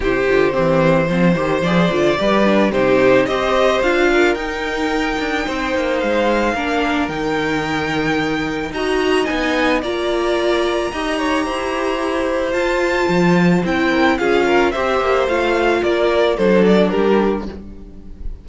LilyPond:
<<
  \new Staff \with { instrumentName = "violin" } { \time 4/4 \tempo 4 = 110 c''2. d''4~ | d''4 c''4 dis''4 f''4 | g''2. f''4~ | f''4 g''2. |
ais''4 gis''4 ais''2~ | ais''2. a''4~ | a''4 g''4 f''4 e''4 | f''4 d''4 c''8 d''8 ais'4 | }
  \new Staff \with { instrumentName = "violin" } { \time 4/4 g'4 c'4 c''2 | b'4 g'4 c''4. ais'8~ | ais'2 c''2 | ais'1 |
dis''2 d''2 | dis''8 cis''8 c''2.~ | c''4. ais'8 gis'8 ais'8 c''4~ | c''4 ais'4 a'4 g'4 | }
  \new Staff \with { instrumentName = "viola" } { \time 4/4 e'8 f'8 g'4 c'8 g'8 gis'8 f'8 | g'8 d'8 dis'4 g'4 f'4 | dis'1 | d'4 dis'2. |
fis'4 dis'4 f'2 | g'2. f'4~ | f'4 e'4 f'4 g'4 | f'2 d'2 | }
  \new Staff \with { instrumentName = "cello" } { \time 4/4 c8 d8 e4 f8 dis8 f8 d8 | g4 c4 c'4 d'4 | dis'4. d'8 c'8 ais8 gis4 | ais4 dis2. |
dis'4 b4 ais2 | dis'4 e'2 f'4 | f4 c'4 cis'4 c'8 ais8 | a4 ais4 fis4 g4 | }
>>